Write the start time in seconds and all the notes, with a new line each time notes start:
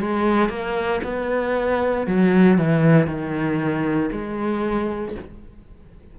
0.00 G#3
0.49 A#3
1.04 B3
2.07 F#3
2.59 E3
3.07 D#3
4.12 G#3